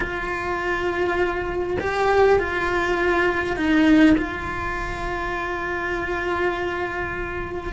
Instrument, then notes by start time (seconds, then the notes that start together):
cello
0.00 F4
1.80 G4
2.39 F4
3.56 D#4
4.17 F4